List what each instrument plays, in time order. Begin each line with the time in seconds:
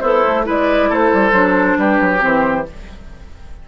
0.00 bassoon B3, oboe E4, clarinet A4, flute C5
0.27 bassoon A3
0.43 bassoon G#3, clarinet E4, oboe B4
0.49 flute D5
0.89 bassoon A3, oboe A4, flute C5
1.13 bassoon G3
1.32 bassoon F#3, clarinet D4
1.77 bassoon G3, oboe G4, flute B4
2.00 bassoon F#3
2.19 bassoon E3, clarinet C4, flute C5